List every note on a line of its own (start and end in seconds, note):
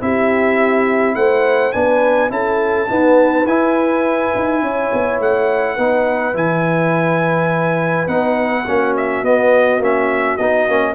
0.00 1.15 C4
0.00 1.73 E4
0.00 1.16 G4
0.00 1.15 E5
1.15 1.73 A3
1.15 1.74 C5
1.15 1.72 F#5
1.72 2.30 B3
1.72 2.30 D4
1.72 2.31 B4
1.72 2.30 G#5
2.30 2.88 C#4
2.30 2.87 E4
2.30 2.89 A4
2.30 3.47 A5
2.88 3.46 B3
2.88 3.46 D#4
2.88 4.62 B4
3.46 4.32 E4
3.46 5.78 E4
3.46 5.20 G#5
4.35 4.62 D#4
4.62 4.91 C#4
4.62 5.75 C#5
4.93 5.20 B3
5.20 5.77 A3
5.20 6.36 F#5
5.75 6.34 B3
5.75 6.34 D#4
5.75 8.64 B4
6.34 8.07 E3
6.34 8.07 E4
6.34 8.08 G#5
8.07 8.65 B3
8.07 8.65 D#4
8.07 8.94 F#5
8.65 9.23 A#3
8.65 9.24 C#4
8.65 10.94 F#4
8.96 9.24 E5
9.23 9.79 B3
9.23 9.81 B3
9.23 9.82 D#5
9.79 10.37 A#3
9.79 10.39 C#4
9.79 10.37 E5
10.37 10.68 B3
10.37 10.69 D#4
10.37 10.94 D#5
10.68 10.94 A#3
10.68 10.94 C#4